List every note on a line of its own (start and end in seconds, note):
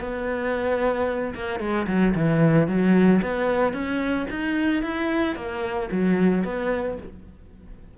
0.00 1.34 B3
1.35 1.59 A#3
1.59 1.86 G#3
1.87 2.14 F#3
2.15 2.67 E3
2.67 3.21 F#3
3.22 3.73 B3
3.73 4.26 C#4
4.30 4.82 D#4
4.82 5.35 E4
5.35 5.89 A#3
5.91 6.44 F#3
6.44 6.97 B3